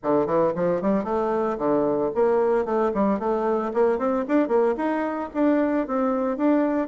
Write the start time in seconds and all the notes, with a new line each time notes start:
0.03 D3
0.26 E3
0.55 F3
0.81 G3
1.04 A3
1.57 D3
2.14 A#3
2.65 A3
2.94 G3
3.19 A3
3.73 A#3
3.98 C4
4.27 D4
4.48 A#3
4.76 D#4
5.34 D4
5.87 C4
6.37 D4